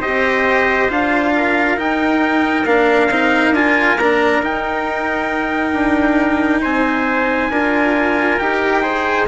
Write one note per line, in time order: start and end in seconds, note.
0.00 0.89 C4
0.00 0.89 G4
0.00 1.32 C5
0.00 0.90 D#5
0.89 1.77 D4
0.89 1.77 F4
0.89 1.79 F5
1.36 6.62 A#4
1.77 2.65 D#4
1.77 2.65 G5
2.65 3.09 A#3
2.65 3.10 D4
2.65 3.54 F5
3.09 3.50 C4
3.09 3.55 D#4
3.50 3.94 D4
3.50 3.99 F4
3.50 3.98 G#5
3.97 4.41 A#3
3.97 4.42 D4
3.97 4.42 A#5
4.41 5.73 D#4
4.41 7.51 D#4
4.41 6.63 G5
5.73 6.61 D4
6.62 7.49 C4
6.62 7.50 C5
6.62 8.38 G#5
7.49 8.38 D4
7.49 8.40 F4
7.49 8.83 A#4
8.38 9.28 D#4
8.38 8.83 G4
8.38 9.26 G5
8.83 9.27 G#4
8.83 9.27 C5